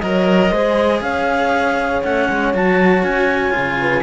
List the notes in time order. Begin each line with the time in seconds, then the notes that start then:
0.00 F#3 A#4 C#5 D#5
0.51 G#3 G#4 C5
1.01 C#4 C#5 F5
2.04 A3 C#4 F#5
2.30 G#3
2.54 F#3 F#4 A5
3.03 C#4 G#5
3.51 C#3 F4
3.81 B4